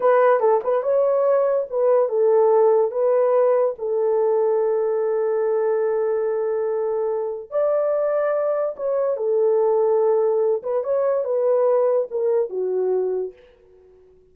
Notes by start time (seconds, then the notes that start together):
0.00 B4
0.40 A4
0.63 B4
0.82 C#5
1.70 B4
2.09 A4
2.91 B4
3.78 A4
7.50 D5
8.76 C#5
9.16 A4
10.62 B4
10.83 C#5
11.24 B4
12.10 A#4
12.49 F#4